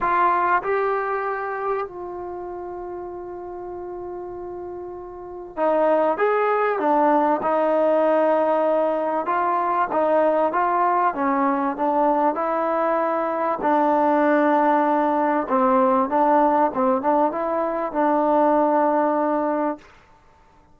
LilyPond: \new Staff \with { instrumentName = "trombone" } { \time 4/4 \tempo 4 = 97 f'4 g'2 f'4~ | f'1~ | f'4 dis'4 gis'4 d'4 | dis'2. f'4 |
dis'4 f'4 cis'4 d'4 | e'2 d'2~ | d'4 c'4 d'4 c'8 d'8 | e'4 d'2. | }